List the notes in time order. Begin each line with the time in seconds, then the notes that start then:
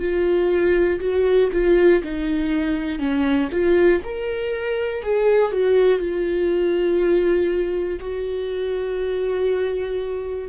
0.00 F4
1.00 F#4
1.53 F4
2.04 D#4
3.00 C#4
3.52 F4
4.05 A#4
5.03 G#4
5.52 F#4
6.00 F4
8.00 F#4